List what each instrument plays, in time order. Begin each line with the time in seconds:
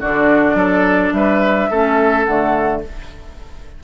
0.00 bassoon D3, clarinet D4, oboe F#4, flute D5
0.54 bassoon F#3, oboe A4
1.13 bassoon G3, oboe B4, flute E5
1.70 bassoon A3, clarinet C#4, oboe A4
2.24 bassoon D3, clarinet A3, flute F#5